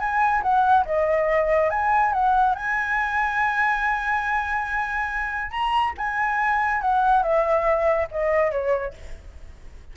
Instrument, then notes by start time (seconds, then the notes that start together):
flute
0.00 G#5
0.43 F#5
0.86 D#5
1.71 G#5
2.13 F#5
2.56 G#5
5.52 A#5
5.98 G#5
6.82 F#5
7.23 E5
8.12 D#5
8.51 C#5